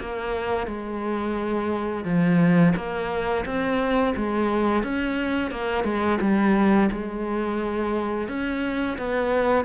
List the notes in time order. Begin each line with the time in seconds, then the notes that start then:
0.00 A#3
0.67 G#3
2.05 F3
2.76 A#3
3.46 C4
4.17 G#3
4.84 C#4
5.51 A#3
5.85 G#3
6.21 G3
6.92 G#3
8.29 C#4
8.98 B3